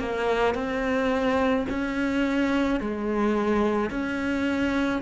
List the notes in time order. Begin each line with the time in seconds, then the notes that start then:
0.00 A#3
0.55 C4
1.70 C#4
2.81 G#3
3.91 C#4